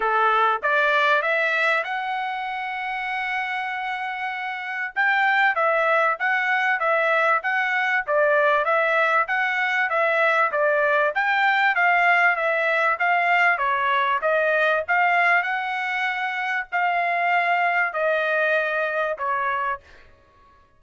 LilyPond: \new Staff \with { instrumentName = "trumpet" } { \time 4/4 \tempo 4 = 97 a'4 d''4 e''4 fis''4~ | fis''1 | g''4 e''4 fis''4 e''4 | fis''4 d''4 e''4 fis''4 |
e''4 d''4 g''4 f''4 | e''4 f''4 cis''4 dis''4 | f''4 fis''2 f''4~ | f''4 dis''2 cis''4 | }